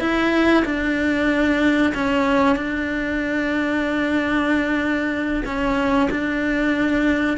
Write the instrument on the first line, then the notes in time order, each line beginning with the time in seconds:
cello
0.00 E4
0.65 D4
1.94 C#4
2.56 D4
5.45 C#4
6.11 D4